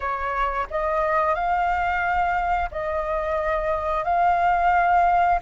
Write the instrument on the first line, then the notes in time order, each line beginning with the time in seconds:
flute
0.00 C#5
0.70 D#5
1.34 F5
2.71 D#5
4.04 F5